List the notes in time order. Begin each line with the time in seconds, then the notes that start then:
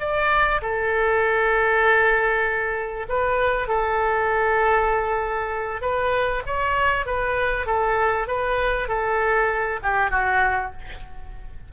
0.00 D5
0.62 A4
3.09 B4
3.68 A4
5.82 B4
6.47 C#5
7.06 B4
7.67 A4
8.28 B4
8.89 A4
9.83 G4
10.11 F#4